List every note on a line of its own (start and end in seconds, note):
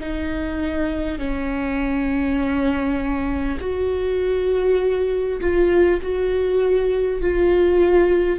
0.00 1.18 D#4
1.18 3.58 C#4
3.59 5.39 F#4
5.40 6.00 F4
6.02 7.21 F#4
7.21 8.39 F4